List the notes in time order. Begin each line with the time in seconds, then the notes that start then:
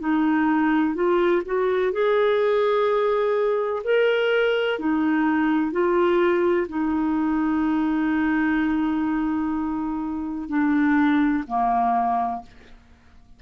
0.00 D#4
0.95 F4
1.46 F#4
1.93 G#4
3.84 A#4
4.80 D#4
5.72 F4
6.68 D#4
10.49 D4
11.47 A#3